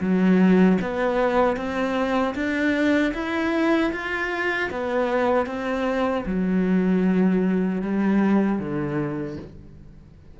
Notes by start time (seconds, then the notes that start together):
0.00 F#3
0.81 B3
1.57 C4
2.35 D4
3.14 E4
3.92 F4
4.71 B3
5.46 C4
6.26 F#3
7.82 G3
8.59 D3